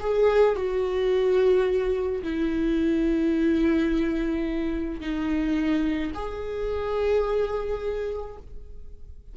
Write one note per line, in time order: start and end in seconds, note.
0.00 0.56 G#4
0.56 2.22 F#4
2.23 5.01 E4
5.01 6.12 D#4
6.14 8.37 G#4